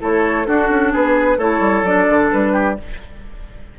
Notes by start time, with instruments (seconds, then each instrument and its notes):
0.00 bassoon A3, clarinet E4, oboe A4, flute C#5
0.46 clarinet D4, bassoon D4, oboe F#4, flute A4
0.69 bassoon C#4
0.92 bassoon B3, oboe G#4, flute B4
1.38 bassoon A3, clarinet E4, oboe A4, flute C#5
1.60 bassoon G3
1.83 bassoon F#3, clarinet D4, flute D5
2.09 bassoon D3
2.31 bassoon G3, flute B4
2.52 oboe G4